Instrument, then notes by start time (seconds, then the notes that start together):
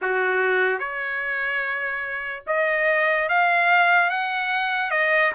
trumpet
0.01 F#4
0.79 C#5
2.47 D#5
3.28 F5
4.09 F#5
4.91 D#5